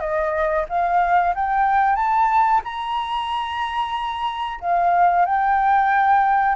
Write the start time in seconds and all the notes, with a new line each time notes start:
0.00 D#5
0.69 F5
1.35 G5
1.96 A5
2.64 A#5
4.60 F5
5.26 G5